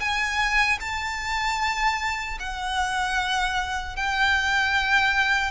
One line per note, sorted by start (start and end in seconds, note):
0.00 0.79 G#5
0.80 2.38 A5
2.40 3.97 F#5
3.97 5.52 G5